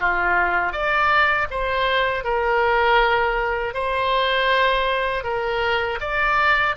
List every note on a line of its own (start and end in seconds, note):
0.00 0.72 F4
0.72 1.47 D5
1.50 2.24 C5
2.24 3.74 A#4
3.74 5.24 C5
5.24 5.99 A#4
6.00 6.75 D5